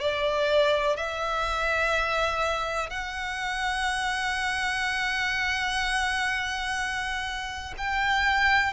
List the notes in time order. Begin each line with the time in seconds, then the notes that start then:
0.00 D5
0.96 E5
2.90 F#5
7.78 G5